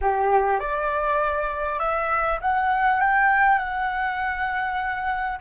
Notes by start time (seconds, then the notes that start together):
0.01 G4
0.59 D5
1.79 E5
2.41 F#5
3.00 G5
3.58 F#5